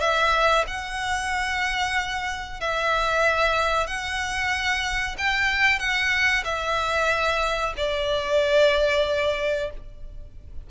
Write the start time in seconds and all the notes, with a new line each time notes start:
0.00 E5
0.67 F#5
2.61 E5
3.87 F#5
5.18 G5
5.79 F#5
6.45 E5
7.77 D5